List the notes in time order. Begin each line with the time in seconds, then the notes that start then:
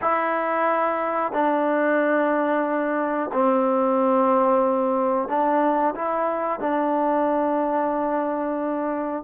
0.01 E4
1.32 D4
3.33 C4
5.28 D4
5.95 E4
6.59 D4